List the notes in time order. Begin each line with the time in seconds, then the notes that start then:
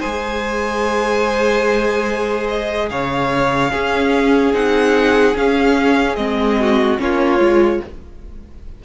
0.00 G#3 G#4 C5 G#5
2.48 D#5
2.90 C#3 C#5 F5
3.71 C#4 G#4
4.53 C4 D#4 F#5
5.35 C#4 F5
6.16 G#3 C4 D#5
6.60 F#4
6.98 A#3 C#4 F4 C#5
7.39 G#3 F4